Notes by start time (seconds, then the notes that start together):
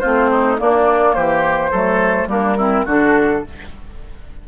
0.00 A3 C4 F4 C5
0.32 D#4
0.58 A#3 D4 D5
1.14 E3 G4 C5
1.71 F#3 A3 A4
2.27 G3 A#3 D4 A#4
2.57 C4 E4
2.86 D3 D4 F#4 A4